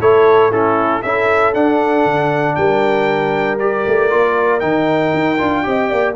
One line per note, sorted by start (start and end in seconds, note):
0.00 1.03 A3
0.00 0.52 E4
0.00 0.51 A4
0.00 0.52 C#5
0.51 1.03 C#4
0.51 1.02 E4
0.51 1.02 A4
1.02 1.54 C#4
1.02 1.54 E4
1.02 2.57 A4
1.02 1.53 E5
1.54 2.05 D4
1.54 3.59 D4
1.54 2.55 F#5
2.05 2.56 D3
2.55 3.85 G3
2.55 5.65 A#4
2.55 3.58 G5
3.59 4.10 G4
3.59 4.60 D5
3.86 4.12 A3
4.10 4.63 A#3
4.10 4.60 F4
4.60 5.14 D#3
4.60 5.37 D#4
4.60 6.13 G5
5.14 5.39 D#4
5.38 5.66 D4
5.38 5.63 F4
5.63 5.92 C4
5.63 6.14 G4
5.63 5.89 D#5
5.89 6.16 A#3
5.89 6.15 D5